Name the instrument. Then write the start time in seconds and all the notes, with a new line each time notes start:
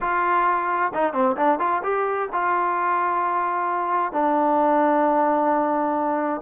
trombone
0.00 F4
0.94 D#4
1.13 C4
1.36 D4
1.59 F4
1.83 G4
2.32 F4
4.12 D4